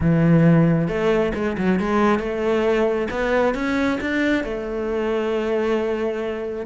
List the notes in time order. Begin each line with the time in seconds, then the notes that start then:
0.00 E3
0.88 A3
1.34 G#3
1.57 F#3
1.79 G#3
2.19 A3
3.10 B3
3.54 C#4
4.00 D4
4.43 A3